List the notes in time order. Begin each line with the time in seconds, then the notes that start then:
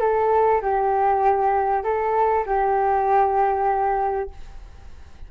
0.00 A4
0.62 G4
1.84 A4
2.46 G4